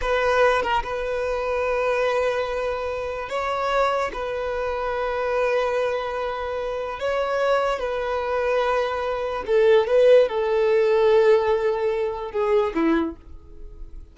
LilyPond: \new Staff \with { instrumentName = "violin" } { \time 4/4 \tempo 4 = 146 b'4. ais'8 b'2~ | b'1 | cis''2 b'2~ | b'1~ |
b'4 cis''2 b'4~ | b'2. a'4 | b'4 a'2.~ | a'2 gis'4 e'4 | }